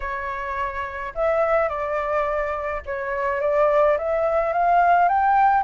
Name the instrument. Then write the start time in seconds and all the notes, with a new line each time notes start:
flute
0.00 C#5
1.14 E5
1.68 D5
2.85 C#5
3.41 D5
3.98 E5
4.53 F5
5.08 G5